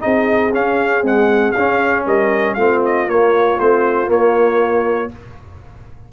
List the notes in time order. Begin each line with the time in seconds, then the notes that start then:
0.00 C4 D#4 G#4 D#5
0.54 C#4 F5
1.02 G#3 C4 F#5
1.52 C#4 F5
2.06 G3 A#4 D#5
2.54 A3 C4 F4 F5
2.86 D#5
3.08 A#3 C#5
3.60 A3 C4 C5
4.07 A#3 C#5